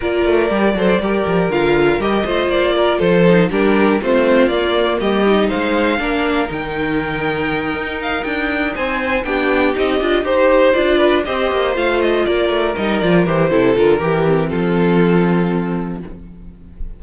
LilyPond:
<<
  \new Staff \with { instrumentName = "violin" } { \time 4/4 \tempo 4 = 120 d''2. f''4 | dis''4 d''4 c''4 ais'4 | c''4 d''4 dis''4 f''4~ | f''4 g''2. |
f''8 g''4 gis''4 g''4 dis''8~ | dis''8 c''4 d''4 dis''4 f''8 | dis''8 d''4 dis''8 d''8 c''4 ais'8~ | ais'4 a'2. | }
  \new Staff \with { instrumentName = "violin" } { \time 4/4 ais'4. c''8 ais'2~ | ais'8 c''4 ais'8 a'4 g'4 | f'2 g'4 c''4 | ais'1~ |
ais'4. c''4 g'4.~ | g'8 c''4. b'8 c''4.~ | c''8 ais'2~ ais'8 a'4 | g'4 f'2. | }
  \new Staff \with { instrumentName = "viola" } { \time 4/4 f'4 g'8 a'8 g'4 f'4 | g'8 f'2 dis'8 d'4 | c'4 ais4. dis'4. | d'4 dis'2.~ |
dis'2~ dis'8 d'4 dis'8 | f'8 g'4 f'4 g'4 f'8~ | f'4. dis'8 f'8 g'8 e'8 f'8 | g'8 c'2.~ c'8 | }
  \new Staff \with { instrumentName = "cello" } { \time 4/4 ais8 a8 g8 fis8 g8 f8 d4 | g8 a8 ais4 f4 g4 | a4 ais4 g4 gis4 | ais4 dis2~ dis8 dis'8~ |
dis'8 d'4 c'4 b4 c'8 | d'8 dis'4 d'4 c'8 ais8 a8~ | a8 ais8 a8 g8 f8 e8 c8 d8 | e4 f2. | }
>>